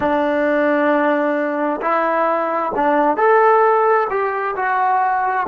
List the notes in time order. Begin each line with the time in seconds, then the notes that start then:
0.00 D4
1.81 E4
2.75 D4
3.16 A4
4.10 G4
4.56 F#4